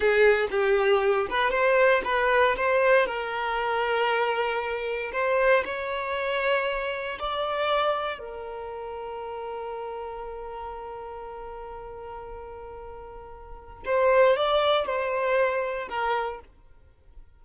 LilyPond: \new Staff \with { instrumentName = "violin" } { \time 4/4 \tempo 4 = 117 gis'4 g'4. b'8 c''4 | b'4 c''4 ais'2~ | ais'2 c''4 cis''4~ | cis''2 d''2 |
ais'1~ | ais'1~ | ais'2. c''4 | d''4 c''2 ais'4 | }